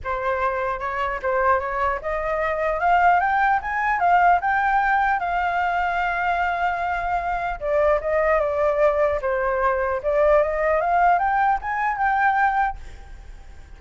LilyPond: \new Staff \with { instrumentName = "flute" } { \time 4/4 \tempo 4 = 150 c''2 cis''4 c''4 | cis''4 dis''2 f''4 | g''4 gis''4 f''4 g''4~ | g''4 f''2.~ |
f''2. d''4 | dis''4 d''2 c''4~ | c''4 d''4 dis''4 f''4 | g''4 gis''4 g''2 | }